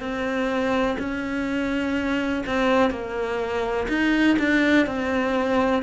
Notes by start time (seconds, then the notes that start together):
0.00 C4
0.99 C#4
2.46 C4
2.90 A#3
3.88 D#4
4.39 D4
4.86 C4